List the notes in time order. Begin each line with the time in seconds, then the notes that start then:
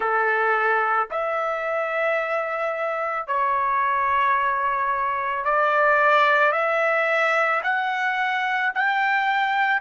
0.00 A4
1.11 E5
3.27 C#5
5.44 D5
6.52 E5
7.63 F#5
8.74 G5